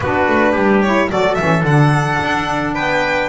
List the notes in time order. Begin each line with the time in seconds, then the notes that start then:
0.00 B3 D4 F#4 B4
0.27 A3
0.52 G3 G4
0.81 E4 C#5
1.10 F#3 F#4 A4 D5
1.35 C#4 E5
1.41 E3
1.63 D3 D4 F#5
2.22 D4
2.74 B3 B4 G5